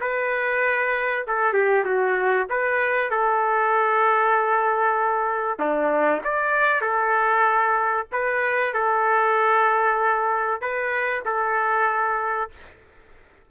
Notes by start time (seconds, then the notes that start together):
0.00 B4
1.27 A4
1.53 G4
1.84 F#4
2.49 B4
3.10 A4
5.59 D4
6.24 D5
6.81 A4
8.12 B4
8.73 A4
10.61 B4
11.25 A4